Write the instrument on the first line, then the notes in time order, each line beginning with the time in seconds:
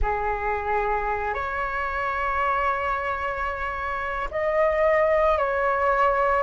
flute
0.01 G#4
1.34 C#5
4.31 D#5
5.38 C#5